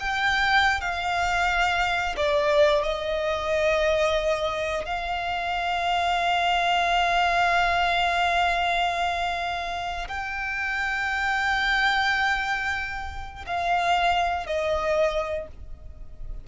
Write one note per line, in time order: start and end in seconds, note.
0.00 0.81 G5
0.81 2.16 F5
2.17 2.83 D5
2.83 4.86 D#5
4.86 10.08 F5
10.08 13.46 G5
13.47 14.47 F5
14.47 15.48 D#5